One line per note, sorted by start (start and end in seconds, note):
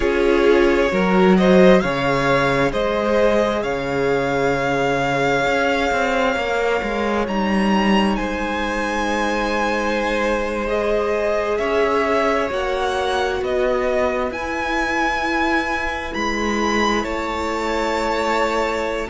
0.00 0.90 C#4
0.00 0.88 F4
0.00 0.90 G#4
0.00 1.36 C#5
0.88 1.83 F#3
0.88 1.79 F#4
0.88 1.37 A#4
1.36 1.82 C5
1.36 1.80 D#5
1.80 2.72 C#3
1.80 6.35 G#4
1.80 2.71 C#5
1.80 2.71 F5
2.71 3.63 G#3
2.71 3.62 C5
2.71 3.62 D#5
3.62 5.45 C#3
3.62 8.17 C#5
3.62 7.26 F5
5.45 5.91 C#4
5.91 6.36 C4
6.35 6.81 A#3
6.35 7.26 A#4
6.82 7.27 G#3
7.27 8.18 G3
7.27 10.67 D#4
7.27 8.16 A#5
8.16 11.59 G#3
8.16 11.58 C5
8.16 10.66 G#5
10.67 12.49 G#4
10.67 11.57 D#5
11.57 12.50 C#4
11.57 13.39 C#5
11.57 12.48 E5
12.50 13.41 A#3
12.50 14.31 F#4
12.50 13.43 F#5
13.39 14.30 B3
13.39 17.02 B4
13.39 14.32 D#5
14.30 16.12 E4
14.30 19.09 E4
14.30 16.13 G#5
16.13 17.04 G#3
16.13 17.04 B5
17.02 19.09 A3
17.02 19.07 C#5
17.02 19.09 A5